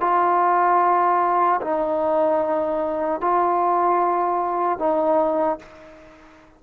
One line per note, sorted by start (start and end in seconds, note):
0.00 1.60 F4
1.61 3.20 D#4
3.20 4.78 F4
4.78 5.58 D#4